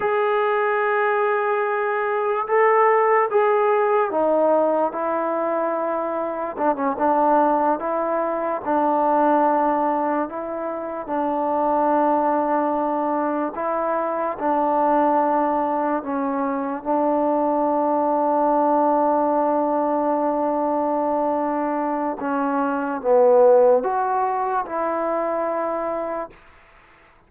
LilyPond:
\new Staff \with { instrumentName = "trombone" } { \time 4/4 \tempo 4 = 73 gis'2. a'4 | gis'4 dis'4 e'2 | d'16 cis'16 d'4 e'4 d'4.~ | d'8 e'4 d'2~ d'8~ |
d'8 e'4 d'2 cis'8~ | cis'8 d'2.~ d'8~ | d'2. cis'4 | b4 fis'4 e'2 | }